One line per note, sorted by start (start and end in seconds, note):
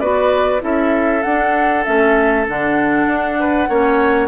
0.00 0.62 B3
0.00 0.60 F#4
0.00 0.62 B4
0.00 0.61 D5
0.60 1.24 C#4
0.60 1.21 E4
0.60 3.39 A4
0.60 1.23 E5
1.23 1.86 D4
1.23 1.85 D4
1.23 1.84 F#5
1.84 2.48 A3
1.84 2.46 C#4
1.84 2.46 E5
2.48 3.07 D3
2.48 3.70 D4
2.48 4.28 F#5
3.07 3.68 D4
3.39 3.69 B4
3.69 4.28 A#3
3.69 4.28 C#4
3.69 4.28 C#5